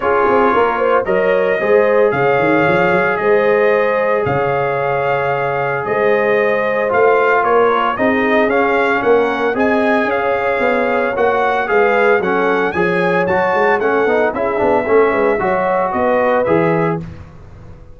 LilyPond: <<
  \new Staff \with { instrumentName = "trumpet" } { \time 4/4 \tempo 4 = 113 cis''2 dis''2 | f''2 dis''2 | f''2. dis''4~ | dis''4 f''4 cis''4 dis''4 |
f''4 fis''4 gis''4 f''4~ | f''4 fis''4 f''4 fis''4 | gis''4 a''4 fis''4 e''4~ | e''2 dis''4 e''4 | }
  \new Staff \with { instrumentName = "horn" } { \time 4/4 gis'4 ais'8 c''8 cis''4 c''4 | cis''2 c''2 | cis''2. c''4~ | c''2 ais'4 gis'4~ |
gis'4 ais'4 dis''4 cis''4~ | cis''2 b'4 a'4 | cis''2 a'4 gis'4 | a'8 b'8 cis''4 b'2 | }
  \new Staff \with { instrumentName = "trombone" } { \time 4/4 f'2 ais'4 gis'4~ | gis'1~ | gis'1~ | gis'4 f'2 dis'4 |
cis'2 gis'2~ | gis'4 fis'4 gis'4 cis'4 | gis'4 fis'4 cis'8 dis'8 e'8 d'8 | cis'4 fis'2 gis'4 | }
  \new Staff \with { instrumentName = "tuba" } { \time 4/4 cis'8 c'8 ais4 fis4 gis4 | cis8 dis8 f8 fis8 gis2 | cis2. gis4~ | gis4 a4 ais4 c'4 |
cis'4 ais4 c'4 cis'4 | b4 ais4 gis4 fis4 | f4 fis8 gis8 a8 b8 cis'8 b8 | a8 gis8 fis4 b4 e4 | }
>>